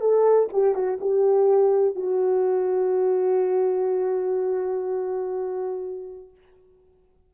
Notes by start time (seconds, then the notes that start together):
0.00 A4
0.52 G4
0.74 F#4
1.01 G4
1.95 F#4